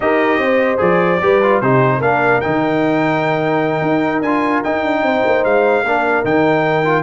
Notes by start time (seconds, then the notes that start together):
0.00 D#4 G4 A#4 D#5
0.38 C4 C5
0.78 F3 G#4 D5
1.21 G3 G4 B4
1.43 F4
1.60 C3 D#4 G4 C5
1.97 A#3 D4 A#4 F5
2.40 D#3 D#4 G5
3.81 D#4
4.21 D4 F4 G#5
4.63 D#4 G5
4.84 D4
5.02 C4 C5
5.25 A#3
5.44 G#3 F5
5.83 A#3 D4 A#4
6.24 D#3 D#4 G5
6.84 F4